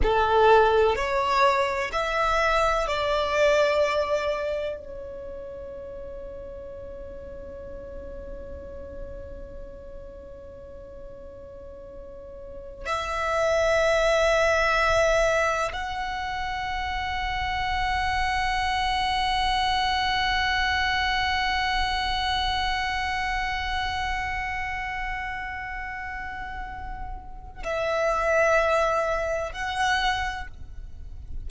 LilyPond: \new Staff \with { instrumentName = "violin" } { \time 4/4 \tempo 4 = 63 a'4 cis''4 e''4 d''4~ | d''4 cis''2.~ | cis''1~ | cis''4. e''2~ e''8~ |
e''8 fis''2.~ fis''8~ | fis''1~ | fis''1~ | fis''4 e''2 fis''4 | }